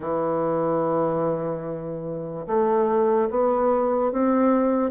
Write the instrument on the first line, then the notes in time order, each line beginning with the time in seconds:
bassoon
0.00 E3
2.47 A3
3.30 B3
4.12 C4